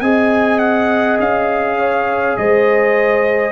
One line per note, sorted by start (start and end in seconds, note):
0.00 1.18 C4
0.00 3.52 G#4
0.00 1.78 D#5
0.00 0.59 G#5
0.59 1.17 F#5
1.19 2.37 C#4
1.19 2.37 F5
1.78 2.37 C#5
2.37 3.52 G#3
2.37 3.52 C5
2.37 3.52 D#5